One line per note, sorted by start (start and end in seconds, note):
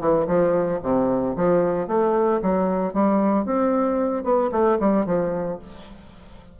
0.00 0.27 E3
0.27 0.80 F3
0.83 1.36 C3
1.36 1.88 F3
1.88 2.41 A3
2.42 2.93 F#3
2.93 3.46 G3
3.46 4.24 C4
4.24 4.50 B3
4.52 4.78 A3
4.80 5.06 G3
5.06 5.59 F3